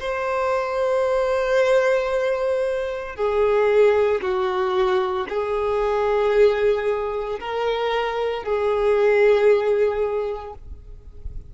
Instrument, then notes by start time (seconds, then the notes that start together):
violin
0.00 C5
3.16 G#4
4.22 F#4
5.29 G#4
7.40 A#4
8.44 G#4